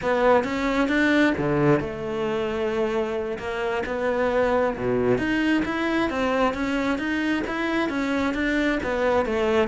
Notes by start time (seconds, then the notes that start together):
0.02 B3
0.44 C#4
0.88 D4
1.37 D3
1.80 A3
3.38 A#3
3.86 B3
4.76 B2
5.18 D#4
5.65 E4
6.10 C4
6.54 C#4
6.98 D#4
7.47 E4
7.89 C#4
8.34 D4
8.83 B3
9.25 A3